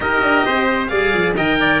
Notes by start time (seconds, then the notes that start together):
0.00 D#4 G4 A#4 D#5
0.21 D4
0.45 C4 C5
0.87 G3 G#4 D5 F5
1.13 F3
1.36 D#3 A#4 D#5 G5
1.60 D5